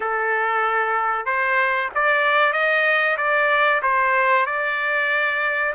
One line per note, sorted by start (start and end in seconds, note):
0.00 1.25 A4
1.25 1.89 C5
1.94 2.52 D5
2.52 3.16 D#5
3.17 3.81 D5
3.82 4.45 C5
4.45 5.73 D5